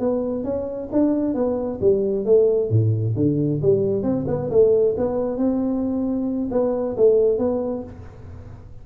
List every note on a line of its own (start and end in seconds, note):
0.00 0.45 B3
0.45 0.89 C#4
0.92 1.35 D4
1.35 1.80 B3
1.81 2.26 G3
2.26 2.70 A3
2.70 3.15 A2
3.16 3.61 D3
3.62 4.03 G3
4.03 4.26 C4
4.28 4.50 B3
4.51 4.95 A3
4.98 5.38 B3
5.38 6.49 C4
6.52 6.96 B3
6.97 7.39 A3
7.39 7.84 B3